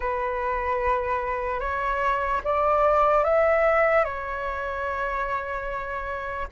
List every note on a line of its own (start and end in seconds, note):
0.00 1.60 B4
1.60 2.41 C#5
2.44 3.24 D5
3.24 4.04 E5
4.04 6.47 C#5